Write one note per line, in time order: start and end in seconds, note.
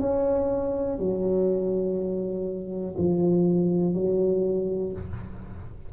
0.00 0.98 C#4
0.98 2.95 F#3
2.97 3.94 F3
3.94 4.92 F#3